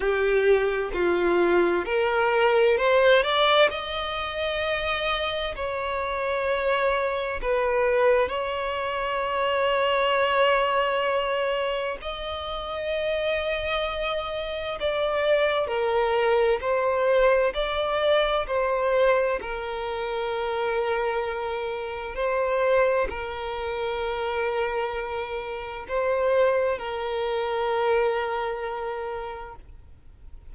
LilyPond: \new Staff \with { instrumentName = "violin" } { \time 4/4 \tempo 4 = 65 g'4 f'4 ais'4 c''8 d''8 | dis''2 cis''2 | b'4 cis''2.~ | cis''4 dis''2. |
d''4 ais'4 c''4 d''4 | c''4 ais'2. | c''4 ais'2. | c''4 ais'2. | }